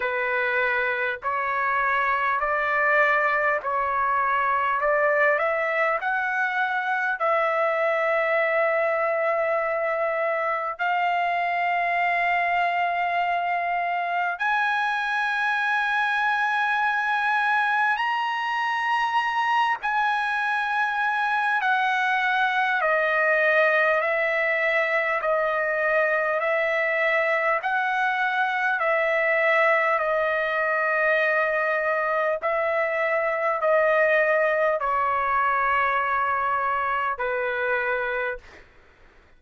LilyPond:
\new Staff \with { instrumentName = "trumpet" } { \time 4/4 \tempo 4 = 50 b'4 cis''4 d''4 cis''4 | d''8 e''8 fis''4 e''2~ | e''4 f''2. | gis''2. ais''4~ |
ais''8 gis''4. fis''4 dis''4 | e''4 dis''4 e''4 fis''4 | e''4 dis''2 e''4 | dis''4 cis''2 b'4 | }